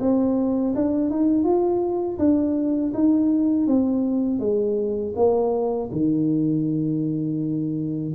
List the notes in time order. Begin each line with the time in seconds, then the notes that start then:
0.00 C4
0.75 D4
1.10 D#4
1.44 F4
2.19 D4
2.94 D#4
3.67 C4
4.39 G#3
5.15 A#3
5.92 D#3